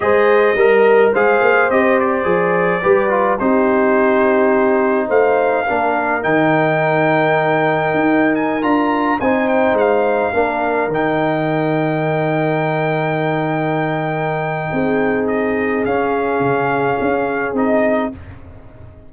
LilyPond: <<
  \new Staff \with { instrumentName = "trumpet" } { \time 4/4 \tempo 4 = 106 dis''2 f''4 dis''8 d''8~ | d''2 c''2~ | c''4 f''2 g''4~ | g''2~ g''8. gis''8 ais''8.~ |
ais''16 gis''8 g''8 f''2 g''8.~ | g''1~ | g''2. dis''4 | f''2. dis''4 | }
  \new Staff \with { instrumentName = "horn" } { \time 4/4 c''4 ais'4 c''2~ | c''4 b'4 g'2~ | g'4 c''4 ais'2~ | ais'1~ |
ais'16 c''2 ais'4.~ ais'16~ | ais'1~ | ais'2 gis'2~ | gis'1 | }
  \new Staff \with { instrumentName = "trombone" } { \time 4/4 gis'4 ais'4 gis'4 g'4 | gis'4 g'8 f'8 dis'2~ | dis'2 d'4 dis'4~ | dis'2.~ dis'16 f'8.~ |
f'16 dis'2 d'4 dis'8.~ | dis'1~ | dis'1 | cis'2. dis'4 | }
  \new Staff \with { instrumentName = "tuba" } { \time 4/4 gis4 g4 gis8 ais8 c'4 | f4 g4 c'2~ | c'4 a4 ais4 dis4~ | dis2 dis'4~ dis'16 d'8.~ |
d'16 c'4 gis4 ais4 dis8.~ | dis1~ | dis2 c'2 | cis'4 cis4 cis'4 c'4 | }
>>